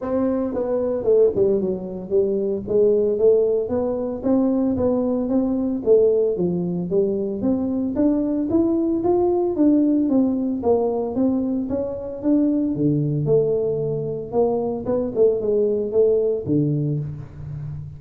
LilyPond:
\new Staff \with { instrumentName = "tuba" } { \time 4/4 \tempo 4 = 113 c'4 b4 a8 g8 fis4 | g4 gis4 a4 b4 | c'4 b4 c'4 a4 | f4 g4 c'4 d'4 |
e'4 f'4 d'4 c'4 | ais4 c'4 cis'4 d'4 | d4 a2 ais4 | b8 a8 gis4 a4 d4 | }